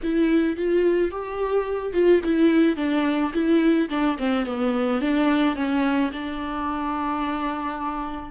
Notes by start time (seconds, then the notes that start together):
0.03 E4
0.57 F4
1.11 G4
1.93 F4
2.24 E4
2.76 D4
3.33 E4
3.89 D4
4.18 C4
4.45 B3
5.01 D4
5.55 C#4
6.12 D4